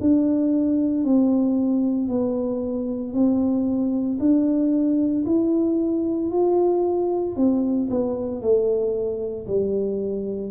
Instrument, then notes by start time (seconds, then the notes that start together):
tuba
0.00 D4
1.04 C4
2.08 B3
3.13 C4
4.19 D4
5.25 E4
6.31 F4
7.36 C4
7.90 B3
8.41 A3
9.46 G3